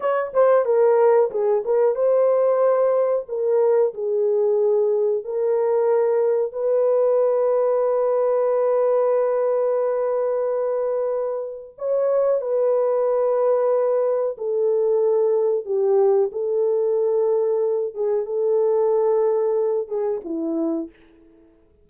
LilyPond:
\new Staff \with { instrumentName = "horn" } { \time 4/4 \tempo 4 = 92 cis''8 c''8 ais'4 gis'8 ais'8 c''4~ | c''4 ais'4 gis'2 | ais'2 b'2~ | b'1~ |
b'2 cis''4 b'4~ | b'2 a'2 | g'4 a'2~ a'8 gis'8 | a'2~ a'8 gis'8 e'4 | }